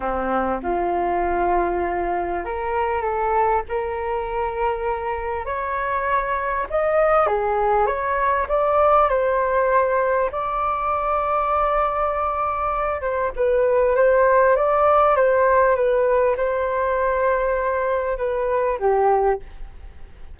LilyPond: \new Staff \with { instrumentName = "flute" } { \time 4/4 \tempo 4 = 99 c'4 f'2. | ais'4 a'4 ais'2~ | ais'4 cis''2 dis''4 | gis'4 cis''4 d''4 c''4~ |
c''4 d''2.~ | d''4. c''8 b'4 c''4 | d''4 c''4 b'4 c''4~ | c''2 b'4 g'4 | }